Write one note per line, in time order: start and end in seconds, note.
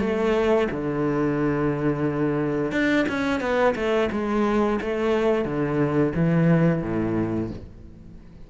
0.00 0.68 A3
0.72 2.72 D3
2.72 3.06 D4
3.09 3.41 C#4
3.41 3.75 B3
3.76 4.10 A3
4.12 4.80 G#3
4.81 5.45 A3
5.45 6.13 D3
6.15 6.82 E3
6.82 7.51 A2